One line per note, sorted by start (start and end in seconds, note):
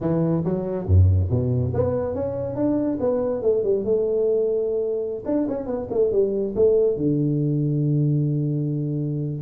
0.00 0.43 E3
0.44 0.86 F#3
0.86 1.29 F#2
1.30 1.73 B2
1.74 2.14 B3
2.14 2.55 C#4
2.55 2.98 D4
3.00 3.42 B3
3.42 3.63 A3
3.63 3.84 G3
3.84 5.23 A3
5.25 5.47 D4
5.48 5.66 C#4
5.66 5.88 B3
5.90 6.11 A3
6.12 6.55 G3
6.55 6.96 A3
6.96 9.42 D3